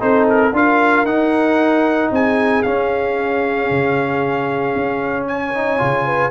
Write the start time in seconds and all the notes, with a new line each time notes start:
0.00 C4 D#4 A4 C5
0.30 A#4
0.53 D4 F4 A#4 F5
1.06 D#4 F#5
2.12 C4 G#4 G#5
2.63 C#4 F5
3.71 C#3
4.76 C#4
5.28 C#5 G#5
5.54 D#4
5.79 C#3 F4
6.06 B4